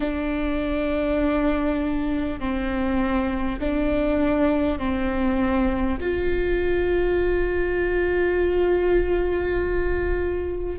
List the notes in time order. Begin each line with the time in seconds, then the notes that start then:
0.00 D4
2.39 C4
3.59 D4
4.78 C4
6.01 F4